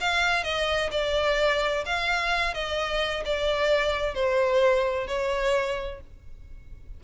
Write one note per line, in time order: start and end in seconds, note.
0.00 0.43 F5
0.43 0.89 D#5
0.91 1.84 D5
1.85 2.53 F5
2.53 3.23 D#5
3.25 4.14 D5
4.14 5.07 C5
5.07 6.00 C#5